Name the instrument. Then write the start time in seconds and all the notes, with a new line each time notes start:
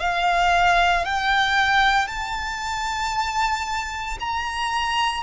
violin
0.00 F5
1.05 G5
2.08 A5
4.20 A#5